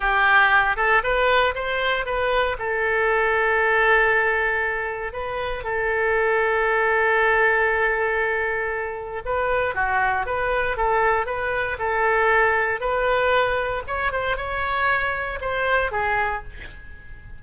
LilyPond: \new Staff \with { instrumentName = "oboe" } { \time 4/4 \tempo 4 = 117 g'4. a'8 b'4 c''4 | b'4 a'2.~ | a'2 b'4 a'4~ | a'1~ |
a'2 b'4 fis'4 | b'4 a'4 b'4 a'4~ | a'4 b'2 cis''8 c''8 | cis''2 c''4 gis'4 | }